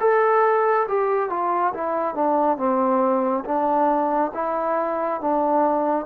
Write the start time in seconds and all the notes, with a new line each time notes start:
0.00 A4
0.88 G4
1.30 F4
1.74 E4
2.15 D4
2.57 C4
3.45 D4
4.34 E4
5.21 D4